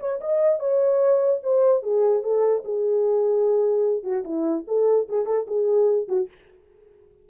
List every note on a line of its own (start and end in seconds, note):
0.00 0.20 C#5
0.21 0.60 D#5
0.60 1.41 C#5
1.43 1.83 C5
1.83 2.23 G#4
2.23 2.64 A4
2.65 4.04 G#4
4.04 4.24 F#4
4.24 4.65 E4
4.68 5.08 A4
5.09 5.26 G#4
5.26 5.46 A4
5.47 6.08 G#4
6.08 6.29 F#4